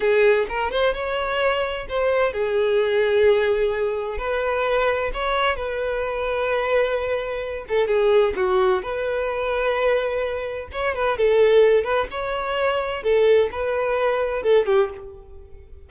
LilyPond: \new Staff \with { instrumentName = "violin" } { \time 4/4 \tempo 4 = 129 gis'4 ais'8 c''8 cis''2 | c''4 gis'2.~ | gis'4 b'2 cis''4 | b'1~ |
b'8 a'8 gis'4 fis'4 b'4~ | b'2. cis''8 b'8 | a'4. b'8 cis''2 | a'4 b'2 a'8 g'8 | }